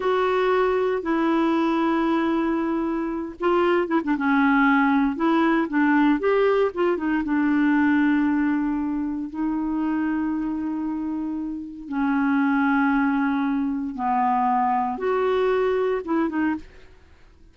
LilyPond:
\new Staff \with { instrumentName = "clarinet" } { \time 4/4 \tempo 4 = 116 fis'2 e'2~ | e'2~ e'8 f'4 e'16 d'16 | cis'2 e'4 d'4 | g'4 f'8 dis'8 d'2~ |
d'2 dis'2~ | dis'2. cis'4~ | cis'2. b4~ | b4 fis'2 e'8 dis'8 | }